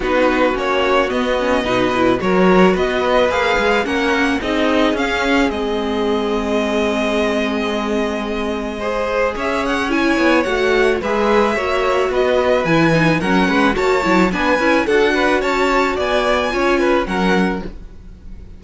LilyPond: <<
  \new Staff \with { instrumentName = "violin" } { \time 4/4 \tempo 4 = 109 b'4 cis''4 dis''2 | cis''4 dis''4 f''4 fis''4 | dis''4 f''4 dis''2~ | dis''1~ |
dis''4 e''8 fis''8 gis''4 fis''4 | e''2 dis''4 gis''4 | fis''4 a''4 gis''4 fis''4 | a''4 gis''2 fis''4 | }
  \new Staff \with { instrumentName = "violin" } { \time 4/4 fis'2. b'4 | ais'4 b'2 ais'4 | gis'1~ | gis'1 |
c''4 cis''2. | b'4 cis''4 b'2 | ais'8 b'8 cis''4 b'4 a'8 b'8 | cis''4 d''4 cis''8 b'8 ais'4 | }
  \new Staff \with { instrumentName = "viola" } { \time 4/4 dis'4 cis'4 b8 cis'8 dis'8 e'8 | fis'2 gis'4 cis'4 | dis'4 cis'4 c'2~ | c'1 |
gis'2 e'4 fis'4 | gis'4 fis'2 e'8 dis'8 | cis'4 fis'8 e'8 d'8 e'8 fis'4~ | fis'2 f'4 cis'4 | }
  \new Staff \with { instrumentName = "cello" } { \time 4/4 b4 ais4 b4 b,4 | fis4 b4 ais8 gis8 ais4 | c'4 cis'4 gis2~ | gis1~ |
gis4 cis'4. b8 a4 | gis4 ais4 b4 e4 | fis8 gis8 ais8 fis8 b8 cis'8 d'4 | cis'4 b4 cis'4 fis4 | }
>>